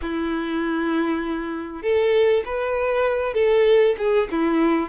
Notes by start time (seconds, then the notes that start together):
0.01 E4
1.82 A4
2.45 B4
3.34 A4
3.97 G#4
4.31 E4